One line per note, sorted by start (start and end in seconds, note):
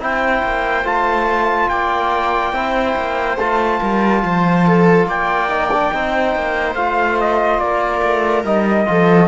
0.00 0.42 C4
0.00 0.85 E4
0.00 1.70 C5
0.00 0.87 G5
0.43 0.85 A#3
0.85 1.69 A3
0.85 2.54 F4
0.85 1.69 A5
1.69 2.53 A#3
1.69 2.55 D5
1.69 3.38 G5
2.53 2.95 C4
2.53 3.38 E4
2.53 3.80 C5
2.96 3.37 A#3
3.37 3.80 A3
3.37 5.49 F4
3.37 5.08 A5
3.80 4.23 G3
3.80 4.23 A#4
4.23 5.06 F3
4.23 4.66 C5
4.66 5.08 A4
5.06 5.91 A#3
5.06 5.93 D5
5.06 6.75 G5
5.49 5.70 D#4
5.73 5.92 D4
5.92 6.36 C4
5.92 6.77 D#4
5.92 7.63 C5
6.36 6.75 A#3
6.75 7.59 A3
6.75 8.45 F4
6.75 7.17 F5
7.20 7.60 D#5
7.59 8.01 A#3
7.59 8.90 A#4
7.59 8.44 D5
8.02 8.44 A3
8.44 8.86 G3
8.44 8.86 D#4
8.44 9.29 D#5
8.86 9.29 F3
8.86 9.28 F4
8.86 9.29 A4